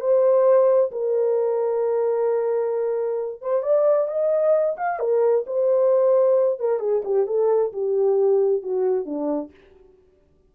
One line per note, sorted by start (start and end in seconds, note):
0.00 0.91 C5
0.91 3.41 A#4
3.41 3.63 C5
3.63 4.07 D5
4.07 4.76 D#5
4.77 4.99 F5
4.99 5.45 A#4
5.46 6.59 C5
6.59 6.79 A#4
6.79 7.02 G#4
7.05 7.26 G4
7.26 7.72 A4
7.72 8.62 G4
8.62 9.05 F#4
9.05 9.50 D4